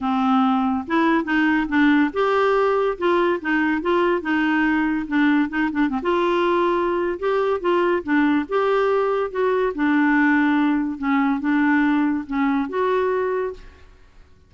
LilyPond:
\new Staff \with { instrumentName = "clarinet" } { \time 4/4 \tempo 4 = 142 c'2 e'4 dis'4 | d'4 g'2 f'4 | dis'4 f'4 dis'2 | d'4 dis'8 d'8 c'16 f'4.~ f'16~ |
f'4 g'4 f'4 d'4 | g'2 fis'4 d'4~ | d'2 cis'4 d'4~ | d'4 cis'4 fis'2 | }